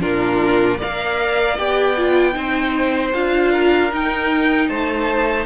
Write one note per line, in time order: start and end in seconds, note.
0.00 0.80 A#2
0.00 0.78 D4
0.00 0.77 F4
0.00 0.79 A#4
0.77 1.57 A#4
0.77 2.33 D5
0.77 1.57 F5
0.83 1.58 A#3
1.57 2.35 B3
1.57 1.96 G4
1.57 3.13 G5
1.96 2.32 F4
2.32 3.13 C4
2.32 3.10 D#4
2.32 3.51 C5
3.13 3.92 D4
3.13 3.91 F4
3.13 3.91 F5
3.51 4.68 A#4
3.91 5.46 D#4
3.91 4.69 D#4
3.91 4.68 G5
4.68 5.46 A3
4.68 5.46 C5
4.68 5.46 A5